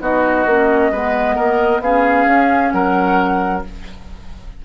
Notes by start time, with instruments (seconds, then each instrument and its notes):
0.00 bassoon B3, clarinet D#4, oboe F#4, flute D#5
0.45 bassoon A#3, clarinet C#4
0.91 bassoon G#3, clarinet B3, oboe B4
1.35 bassoon A#3, oboe A#4
1.80 bassoon B3, clarinet C#4, oboe G#4, flute F5
2.25 bassoon C#4
2.71 bassoon F#3, oboe A#4, flute F#5